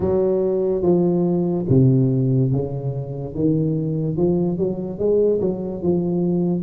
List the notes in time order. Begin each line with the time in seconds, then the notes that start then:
0.00 F#3
0.82 F3
1.69 C3
2.52 C#3
3.34 D#3
4.16 F3
4.58 F#3
4.98 G#3
5.40 F#3
5.82 F3